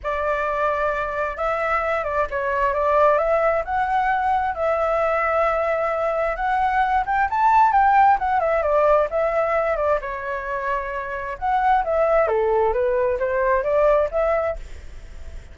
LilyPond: \new Staff \with { instrumentName = "flute" } { \time 4/4 \tempo 4 = 132 d''2. e''4~ | e''8 d''8 cis''4 d''4 e''4 | fis''2 e''2~ | e''2 fis''4. g''8 |
a''4 g''4 fis''8 e''8 d''4 | e''4. d''8 cis''2~ | cis''4 fis''4 e''4 a'4 | b'4 c''4 d''4 e''4 | }